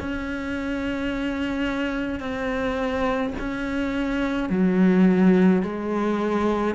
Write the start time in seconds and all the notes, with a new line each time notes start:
0.00 C#4
2.20 C4
3.39 C#4
4.50 F#3
5.63 G#3